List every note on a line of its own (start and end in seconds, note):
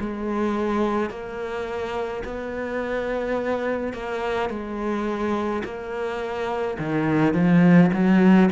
0.00 1.10 G#3
1.10 2.23 A#3
2.25 3.94 B3
3.94 4.50 A#3
4.50 5.63 G#3
5.64 6.78 A#3
6.79 7.34 D#3
7.34 7.90 F3
7.93 8.50 F#3